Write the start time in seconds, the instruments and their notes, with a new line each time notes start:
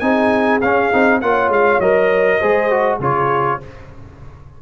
0.00 tuba C4, trombone D#4, horn G#4, trumpet G#5
0.62 tuba C#4, trombone C#4, trumpet F5
0.92 tuba C4, trombone D#4
1.21 tuba A#3, trombone F4, horn C#5, trumpet F#5
1.49 tuba G#3, trumpet F5
1.80 tuba F#3, trombone A#4, trumpet D#5
2.39 tuba G#3, trombone G#4, horn C5
2.71 trombone F#4
3.00 tuba C#3, trombone F4, horn G#4, trumpet C#5